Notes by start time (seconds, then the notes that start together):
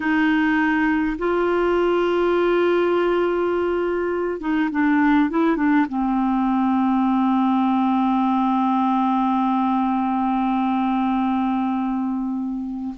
0.00 D#4
1.18 F4
4.40 D#4
4.71 D4
5.29 E4
5.56 D4
5.88 C4